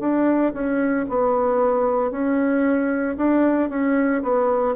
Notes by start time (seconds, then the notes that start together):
0.00 D4
0.54 C#4
1.09 B3
2.11 C#4
3.17 D4
3.70 C#4
4.22 B3